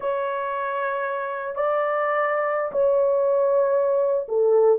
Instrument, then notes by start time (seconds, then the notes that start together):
horn
0.00 C#5
1.55 D5
2.72 C#5
4.28 A4